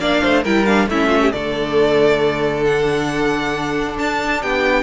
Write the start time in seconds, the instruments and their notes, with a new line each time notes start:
0.00 cello A#3, viola D4, violin D5 F5
0.22 cello A3, violin C5
0.43 cello G3, viola E4, violin A#4 G5
0.66 viola D4, violin F5
0.88 cello A3, viola C#4, violin E4 E5
1.08 violin F4
1.22 violin G4
1.32 cello D3, viola A3, violin A4 D5
2.66 viola D4, violin F#5
3.99 cello D4, violin A5
4.42 cello B3, violin G4 G5